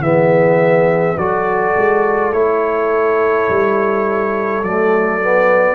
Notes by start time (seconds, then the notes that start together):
0.00 E3 B3 G#4 E5
1.18 F#3 F#4 A4 D5
1.77 G#3
2.33 A3 E4 C#5
3.49 G3
4.63 F#3 A3 D5
5.21 B3